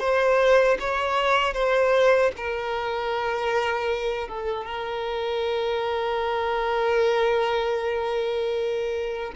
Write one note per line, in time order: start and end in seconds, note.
0.00 0.78 C5
0.80 1.54 C#5
1.54 2.32 C5
2.37 4.29 A#4
4.29 4.65 A4
4.65 9.33 A#4